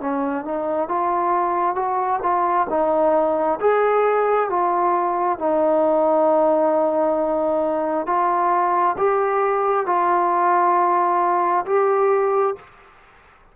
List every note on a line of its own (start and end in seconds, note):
0.00 0.44 C#4
0.44 0.88 D#4
0.88 1.75 F4
1.75 2.19 F#4
2.22 2.67 F4
2.69 3.59 D#4
3.60 4.49 G#4
4.49 5.39 F4
5.39 8.06 D#4
8.06 8.96 F4
8.98 9.85 G4
9.85 11.65 F4
11.66 12.55 G4